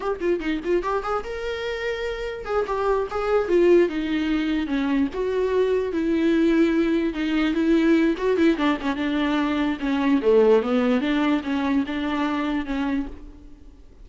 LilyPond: \new Staff \with { instrumentName = "viola" } { \time 4/4 \tempo 4 = 147 g'8 f'8 dis'8 f'8 g'8 gis'8 ais'4~ | ais'2 gis'8 g'4 gis'8~ | gis'8 f'4 dis'2 cis'8~ | cis'8 fis'2 e'4.~ |
e'4. dis'4 e'4. | fis'8 e'8 d'8 cis'8 d'2 | cis'4 a4 b4 d'4 | cis'4 d'2 cis'4 | }